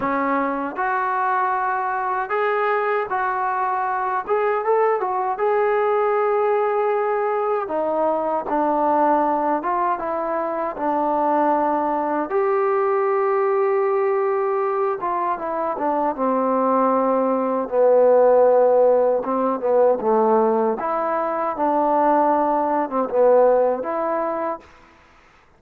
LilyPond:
\new Staff \with { instrumentName = "trombone" } { \time 4/4 \tempo 4 = 78 cis'4 fis'2 gis'4 | fis'4. gis'8 a'8 fis'8 gis'4~ | gis'2 dis'4 d'4~ | d'8 f'8 e'4 d'2 |
g'2.~ g'8 f'8 | e'8 d'8 c'2 b4~ | b4 c'8 b8 a4 e'4 | d'4.~ d'16 c'16 b4 e'4 | }